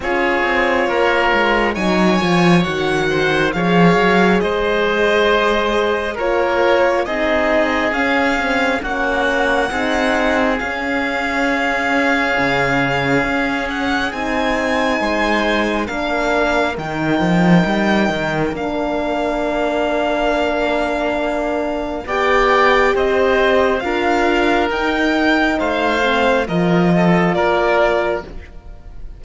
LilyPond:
<<
  \new Staff \with { instrumentName = "violin" } { \time 4/4 \tempo 4 = 68 cis''2 gis''4 fis''4 | f''4 dis''2 cis''4 | dis''4 f''4 fis''2 | f''2.~ f''8 fis''8 |
gis''2 f''4 g''4~ | g''4 f''2.~ | f''4 g''4 dis''4 f''4 | g''4 f''4 dis''4 d''4 | }
  \new Staff \with { instrumentName = "oboe" } { \time 4/4 gis'4 ais'4 cis''4. c''8 | cis''4 c''2 ais'4 | gis'2 fis'4 gis'4~ | gis'1~ |
gis'4 c''4 ais'2~ | ais'1~ | ais'4 d''4 c''4 ais'4~ | ais'4 c''4 ais'8 a'8 ais'4 | }
  \new Staff \with { instrumentName = "horn" } { \time 4/4 f'2 dis'8 f'8 fis'4 | gis'2. f'4 | dis'4 cis'8 c'8 cis'4 dis'4 | cis'1 |
dis'2 d'4 dis'4~ | dis'4 d'2.~ | d'4 g'2 f'4 | dis'4. c'8 f'2 | }
  \new Staff \with { instrumentName = "cello" } { \time 4/4 cis'8 c'8 ais8 gis8 fis8 f8 dis4 | f8 fis8 gis2 ais4 | c'4 cis'4 ais4 c'4 | cis'2 cis4 cis'4 |
c'4 gis4 ais4 dis8 f8 | g8 dis8 ais2.~ | ais4 b4 c'4 d'4 | dis'4 a4 f4 ais4 | }
>>